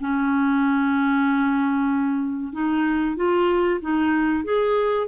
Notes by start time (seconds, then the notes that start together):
0.00 C#4
2.52 D#4
3.16 F4
3.81 D#4
4.44 G#4